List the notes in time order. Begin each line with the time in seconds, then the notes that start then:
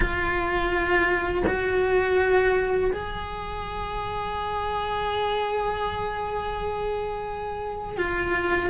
0.00 F4
1.46 F#4
2.92 G#4
7.97 F4